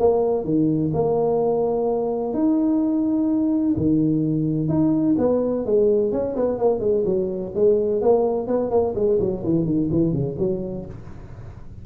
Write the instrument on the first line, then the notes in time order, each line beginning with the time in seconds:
tuba
0.00 A#3
0.45 D#3
0.94 A#3
2.34 D#4
3.77 D#3
4.69 D#4
5.19 B3
5.66 G#3
6.12 C#4
6.36 B3
6.59 A#3
6.81 G#3
7.06 F#3
7.55 G#3
8.02 A#3
8.48 B3
8.71 A#3
8.96 G#3
9.20 F#3
9.45 E3
9.66 D#3
9.91 E3
10.13 C#3
10.39 F#3